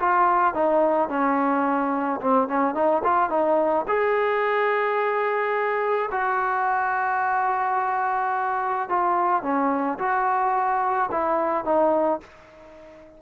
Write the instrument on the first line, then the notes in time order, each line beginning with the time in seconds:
trombone
0.00 F4
0.55 D#4
1.09 C#4
2.21 C4
2.48 C#4
2.75 D#4
3.04 F4
3.30 D#4
3.88 G#4
6.12 F#4
8.89 F4
9.43 C#4
9.99 F#4
11.12 E4
11.65 D#4